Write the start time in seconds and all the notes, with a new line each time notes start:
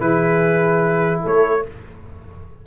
0.00 E3 E4 G#4 B4
1.22 A3 A4 C#5